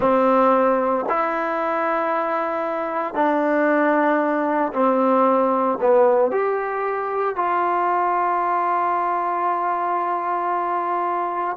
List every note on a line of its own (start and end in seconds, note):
0.00 1.05 C4
1.09 3.14 E4
3.14 4.72 D4
4.73 5.78 C4
5.80 6.31 B3
6.31 7.35 G4
7.35 11.56 F4